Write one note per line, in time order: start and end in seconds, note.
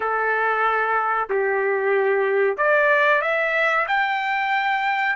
0.00 1.29 A4
1.29 2.57 G4
2.57 3.21 D5
3.21 3.86 E5
3.87 5.16 G5